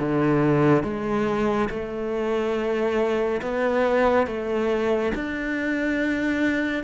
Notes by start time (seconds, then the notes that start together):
0.00 D3
0.84 G#3
1.70 A3
3.42 B3
4.27 A3
5.15 D4